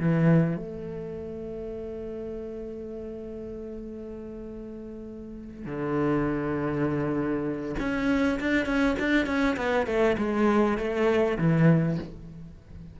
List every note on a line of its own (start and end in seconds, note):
0.00 0.57 E3
0.57 5.66 A3
5.66 7.76 D3
7.80 8.40 C#4
8.40 8.66 D4
8.66 8.96 C#4
8.99 9.27 D4
9.27 9.57 C#4
9.57 9.87 B3
9.87 10.17 A3
10.18 10.78 G#3
10.78 11.38 A3
11.39 11.99 E3